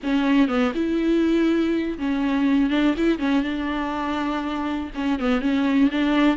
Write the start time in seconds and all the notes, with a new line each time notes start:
0.03 C#4
0.47 B3
0.75 E4
1.98 C#4
2.70 D4
2.97 E4
3.18 C#4
3.43 D4
4.94 C#4
5.19 B3
5.41 C#4
5.91 D4